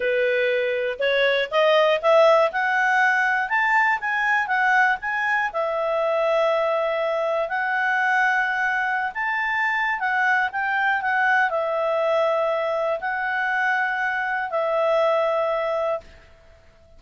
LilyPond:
\new Staff \with { instrumentName = "clarinet" } { \time 4/4 \tempo 4 = 120 b'2 cis''4 dis''4 | e''4 fis''2 a''4 | gis''4 fis''4 gis''4 e''4~ | e''2. fis''4~ |
fis''2~ fis''16 a''4.~ a''16 | fis''4 g''4 fis''4 e''4~ | e''2 fis''2~ | fis''4 e''2. | }